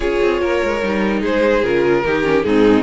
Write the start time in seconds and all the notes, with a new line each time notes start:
0.00 C#4 F4 G#4 C#5
0.22 C4
0.41 A#3 A#4
0.63 G#3
0.82 G3 D#4
1.21 G#3 G#4 C5
1.63 C#3 F4 A#4
2.05 D#3 D#4 G4
2.24 C#4
2.42 G#2 C4 D#4 G#4